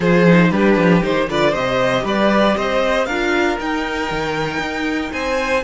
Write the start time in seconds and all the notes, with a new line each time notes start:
0.00 F3 F4 G#4 C5
0.27 D#4
0.50 G3 D4 G4 B4
0.76 F3
1.02 D#3 D#4 C5
1.29 D3 F4 B4 D5
1.50 C3 G4 C5 D#5
2.03 G3 B4 D5
2.56 C4 C5 D#5
3.05 D4 F4 A#4 F5
3.59 D#4 G5
4.10 D#3
4.58 D#4
5.12 C4 C5 G#5